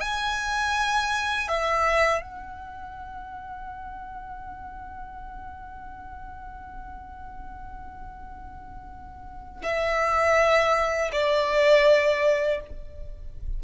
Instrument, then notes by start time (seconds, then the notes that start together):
violin
0.00 G#5
1.48 E5
2.21 F#5
9.63 E5
11.12 D5